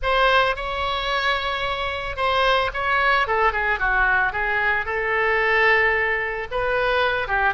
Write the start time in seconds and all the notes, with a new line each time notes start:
0.02 C5
0.56 C#5
2.16 C5
2.73 C#5
3.27 A4
3.52 G#4
3.79 F#4
4.32 G#4
4.85 A4
6.51 B4
7.27 G4